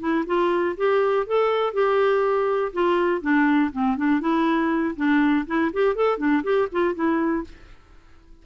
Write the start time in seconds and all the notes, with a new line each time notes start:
0.00 E4
0.26 F4
0.77 G4
1.27 A4
1.74 G4
2.73 F4
3.22 D4
3.73 C4
3.97 D4
4.21 E4
4.97 D4
5.47 E4
5.73 G4
5.96 A4
6.18 D4
6.43 G4
6.72 F4
6.95 E4